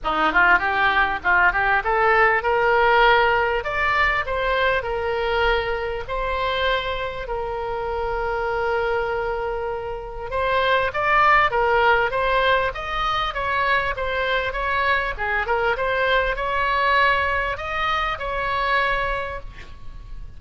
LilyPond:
\new Staff \with { instrumentName = "oboe" } { \time 4/4 \tempo 4 = 99 dis'8 f'8 g'4 f'8 g'8 a'4 | ais'2 d''4 c''4 | ais'2 c''2 | ais'1~ |
ais'4 c''4 d''4 ais'4 | c''4 dis''4 cis''4 c''4 | cis''4 gis'8 ais'8 c''4 cis''4~ | cis''4 dis''4 cis''2 | }